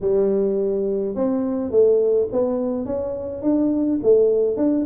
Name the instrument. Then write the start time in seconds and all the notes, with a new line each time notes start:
tuba
0.00 G3
1.15 C4
1.70 A3
2.31 B3
2.85 C#4
3.42 D4
4.02 A3
4.56 D4